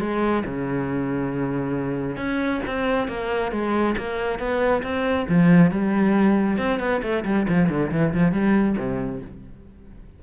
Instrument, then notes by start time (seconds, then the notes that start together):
cello
0.00 G#3
0.46 C#3
2.17 C#4
2.67 C4
3.08 A#3
3.52 G#3
3.98 A#3
4.39 B3
4.83 C4
5.29 F3
5.71 G3
6.58 C4
6.80 B3
7.03 A3
7.25 G3
7.49 F3
7.69 D3
7.92 E3
8.14 F3
8.33 G3
8.78 C3